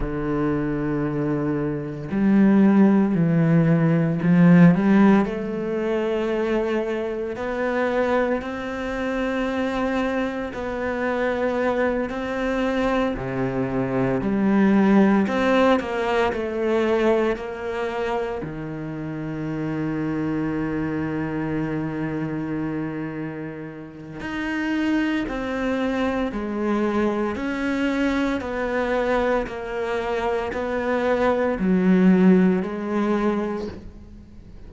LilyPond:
\new Staff \with { instrumentName = "cello" } { \time 4/4 \tempo 4 = 57 d2 g4 e4 | f8 g8 a2 b4 | c'2 b4. c'8~ | c'8 c4 g4 c'8 ais8 a8~ |
a8 ais4 dis2~ dis8~ | dis2. dis'4 | c'4 gis4 cis'4 b4 | ais4 b4 fis4 gis4 | }